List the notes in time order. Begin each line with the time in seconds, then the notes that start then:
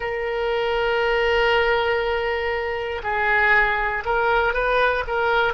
0.00 A#4
3.03 G#4
4.05 A#4
4.53 B4
5.07 A#4